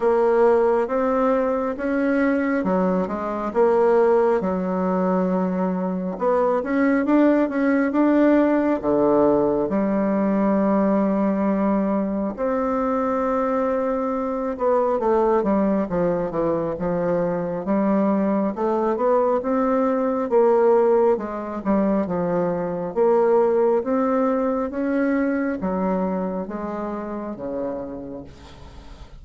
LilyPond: \new Staff \with { instrumentName = "bassoon" } { \time 4/4 \tempo 4 = 68 ais4 c'4 cis'4 fis8 gis8 | ais4 fis2 b8 cis'8 | d'8 cis'8 d'4 d4 g4~ | g2 c'2~ |
c'8 b8 a8 g8 f8 e8 f4 | g4 a8 b8 c'4 ais4 | gis8 g8 f4 ais4 c'4 | cis'4 fis4 gis4 cis4 | }